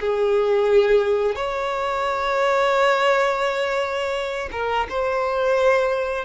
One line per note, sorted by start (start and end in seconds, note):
0.00 1.35 G#4
1.35 4.49 C#5
4.52 4.86 A#4
4.89 6.24 C5